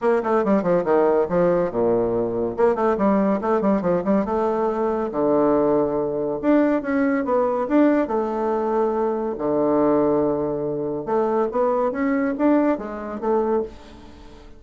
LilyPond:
\new Staff \with { instrumentName = "bassoon" } { \time 4/4 \tempo 4 = 141 ais8 a8 g8 f8 dis4 f4 | ais,2 ais8 a8 g4 | a8 g8 f8 g8 a2 | d2. d'4 |
cis'4 b4 d'4 a4~ | a2 d2~ | d2 a4 b4 | cis'4 d'4 gis4 a4 | }